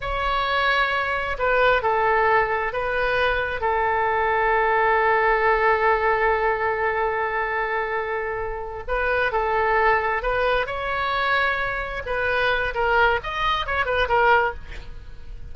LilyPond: \new Staff \with { instrumentName = "oboe" } { \time 4/4 \tempo 4 = 132 cis''2. b'4 | a'2 b'2 | a'1~ | a'1~ |
a'2.~ a'8 b'8~ | b'8 a'2 b'4 cis''8~ | cis''2~ cis''8 b'4. | ais'4 dis''4 cis''8 b'8 ais'4 | }